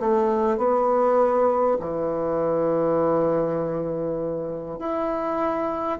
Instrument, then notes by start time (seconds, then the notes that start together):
bassoon
0.00 A3
0.57 B3
1.79 E3
4.79 E4